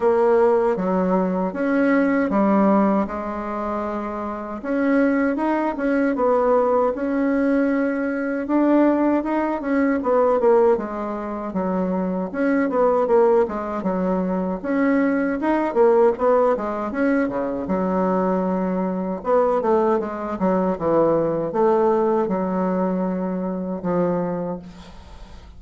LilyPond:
\new Staff \with { instrumentName = "bassoon" } { \time 4/4 \tempo 4 = 78 ais4 fis4 cis'4 g4 | gis2 cis'4 dis'8 cis'8 | b4 cis'2 d'4 | dis'8 cis'8 b8 ais8 gis4 fis4 |
cis'8 b8 ais8 gis8 fis4 cis'4 | dis'8 ais8 b8 gis8 cis'8 cis8 fis4~ | fis4 b8 a8 gis8 fis8 e4 | a4 fis2 f4 | }